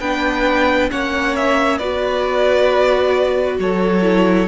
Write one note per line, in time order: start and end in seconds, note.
0.00 0.90 B3
0.00 0.90 D4
0.00 0.90 B4
0.00 0.90 G5
0.90 1.80 A#3
0.90 1.80 C#4
0.90 1.79 C#5
0.90 1.35 F#5
1.36 1.78 E5
1.78 3.59 B3
1.78 4.02 F#4
1.78 3.58 B4
1.78 3.57 D5
3.59 4.48 F#3
3.59 4.48 A4
3.59 4.48 C#5
4.02 4.46 E4